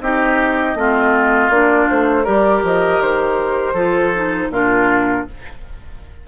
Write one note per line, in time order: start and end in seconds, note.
0.00 0.75 C4
0.00 0.76 D#4
0.00 0.78 G4
0.00 1.51 D#5
0.75 1.49 A3
0.75 1.51 C4
0.75 2.23 F4
1.49 1.86 A#3
1.49 2.25 D4
1.49 1.88 D5
1.90 2.27 A3
1.90 2.25 C5
2.23 2.62 G3
2.23 3.75 G4
2.23 3.73 A#4
2.23 2.62 D5
2.62 3.00 F3
2.62 3.01 D#5
3.00 3.73 D#3
3.00 4.51 C5
3.73 4.48 F3
3.73 4.13 F4
3.73 4.48 A4
4.15 4.52 D#4
4.50 5.25 A#2
4.50 5.27 D4
4.50 5.27 F4
4.50 5.27 A#4